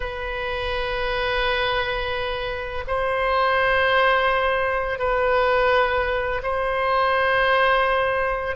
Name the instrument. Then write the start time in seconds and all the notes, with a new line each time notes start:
oboe
0.00 B4
2.87 C5
4.98 B4
6.43 C5